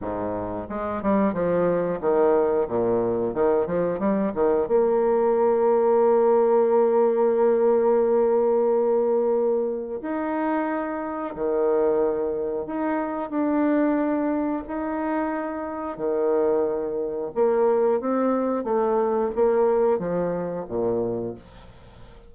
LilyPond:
\new Staff \with { instrumentName = "bassoon" } { \time 4/4 \tempo 4 = 90 gis,4 gis8 g8 f4 dis4 | ais,4 dis8 f8 g8 dis8 ais4~ | ais1~ | ais2. dis'4~ |
dis'4 dis2 dis'4 | d'2 dis'2 | dis2 ais4 c'4 | a4 ais4 f4 ais,4 | }